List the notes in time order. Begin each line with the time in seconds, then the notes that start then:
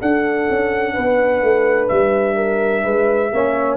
0.00 D4 A4 F#5
0.50 C#4
0.93 B3 B4
1.42 A3
1.88 G3 E5
2.36 A#4
2.84 G#3 B4
3.33 A#3 C#4 C#5